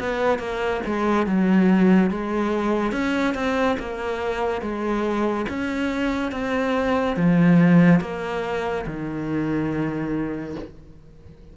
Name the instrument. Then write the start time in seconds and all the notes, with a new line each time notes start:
cello
0.00 B3
0.39 A#3
0.86 G#3
1.27 F#3
2.10 G#3
2.92 C#4
3.35 C4
3.79 A#3
4.62 G#3
5.49 C#4
6.32 C4
7.17 F3
8.01 A#3
8.87 D#3